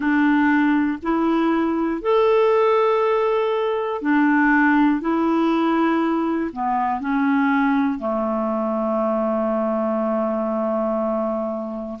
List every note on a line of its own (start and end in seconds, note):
0.00 0.98 D4
1.02 2.01 E4
2.01 4.01 A4
4.01 5.00 D4
5.00 6.50 E4
6.52 7.00 B3
7.00 7.99 C#4
7.99 11.99 A3